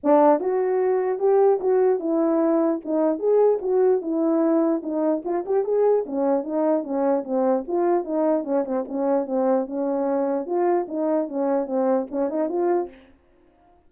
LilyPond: \new Staff \with { instrumentName = "horn" } { \time 4/4 \tempo 4 = 149 d'4 fis'2 g'4 | fis'4 e'2 dis'4 | gis'4 fis'4 e'2 | dis'4 f'8 g'8 gis'4 cis'4 |
dis'4 cis'4 c'4 f'4 | dis'4 cis'8 c'8 cis'4 c'4 | cis'2 f'4 dis'4 | cis'4 c'4 cis'8 dis'8 f'4 | }